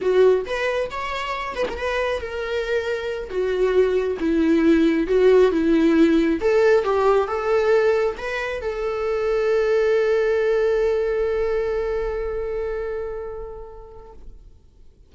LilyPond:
\new Staff \with { instrumentName = "viola" } { \time 4/4 \tempo 4 = 136 fis'4 b'4 cis''4. b'16 ais'16 | b'4 ais'2~ ais'8 fis'8~ | fis'4. e'2 fis'8~ | fis'8 e'2 a'4 g'8~ |
g'8 a'2 b'4 a'8~ | a'1~ | a'1~ | a'1 | }